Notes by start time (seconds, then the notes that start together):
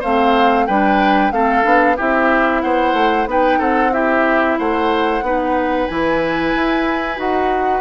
0.00 A3 C4 C5 F5
0.66 G3 D4 B4 G5
1.31 A3 C4 A4 F5
1.63 B3 D4
1.96 C4 E4 G4 E5
2.62 B3 C5 F#5
2.93 A3
3.26 B3 D#4 B4 G5
3.58 C4 A4 F#5
3.92 E4 G4 E5
4.58 A3 C5 F#5
5.22 B3 D#4 B4
5.88 E3 E4 G#5
6.54 E4
7.16 D#4 F#4 F#5